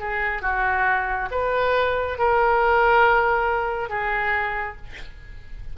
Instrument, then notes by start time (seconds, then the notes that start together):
oboe
0.00 G#4
0.42 F#4
1.31 B4
2.18 A#4
3.90 G#4